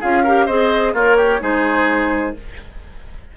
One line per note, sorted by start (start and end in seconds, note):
0.00 0.48 C#4
0.00 0.26 F4
0.00 0.23 G#4
0.00 0.47 F5
0.24 0.49 G4
0.24 0.46 A#4
0.46 0.94 C4
0.46 0.96 G#4
0.46 0.93 C5
0.46 0.94 D#5
0.94 1.40 A#3
0.94 1.17 F4
0.94 1.41 A#4
0.94 1.43 C#5
1.17 1.40 G4
1.41 2.35 G#3
1.41 2.34 D#4
1.41 2.36 G#4
1.41 2.37 C5